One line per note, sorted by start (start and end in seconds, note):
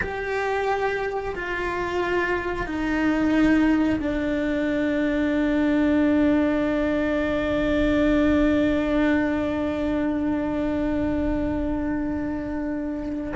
0.01 1.35 G4
1.35 2.66 F4
2.66 3.99 D#4
4.00 13.33 D4